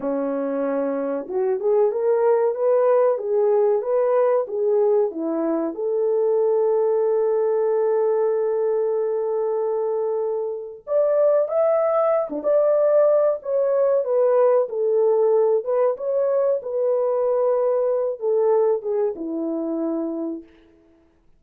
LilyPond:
\new Staff \with { instrumentName = "horn" } { \time 4/4 \tempo 4 = 94 cis'2 fis'8 gis'8 ais'4 | b'4 gis'4 b'4 gis'4 | e'4 a'2.~ | a'1~ |
a'4 d''4 e''4~ e''16 d'16 d''8~ | d''4 cis''4 b'4 a'4~ | a'8 b'8 cis''4 b'2~ | b'8 a'4 gis'8 e'2 | }